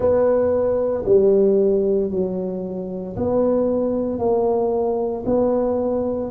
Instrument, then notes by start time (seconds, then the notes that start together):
tuba
0.00 B3
1.05 G3
2.11 F#3
3.16 B3
4.18 A#3
5.25 B3